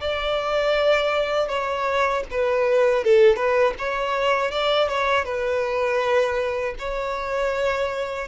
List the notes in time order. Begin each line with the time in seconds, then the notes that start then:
0.00 D5
1.48 C#5
2.30 B4
3.03 A4
3.35 B4
3.78 C#5
4.51 D5
4.88 C#5
5.24 B4
6.78 C#5